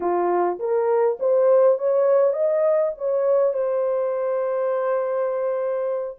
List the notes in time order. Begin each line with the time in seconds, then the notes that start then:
0.00 F4
0.59 A#4
1.19 C5
1.78 C#5
2.33 D#5
2.97 C#5
3.53 C5